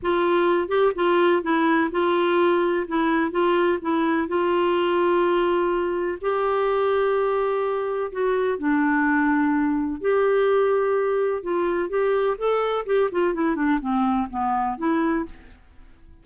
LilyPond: \new Staff \with { instrumentName = "clarinet" } { \time 4/4 \tempo 4 = 126 f'4. g'8 f'4 e'4 | f'2 e'4 f'4 | e'4 f'2.~ | f'4 g'2.~ |
g'4 fis'4 d'2~ | d'4 g'2. | f'4 g'4 a'4 g'8 f'8 | e'8 d'8 c'4 b4 e'4 | }